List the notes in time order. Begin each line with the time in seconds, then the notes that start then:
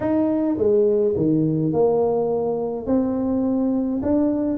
0.00 D#4
0.57 G#3
1.16 D#3
1.72 A#3
2.86 C4
4.02 D4